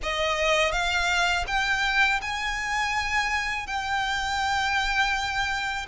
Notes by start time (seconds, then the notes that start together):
0.02 D#5
0.72 F5
1.47 G5
2.21 G#5
3.66 G5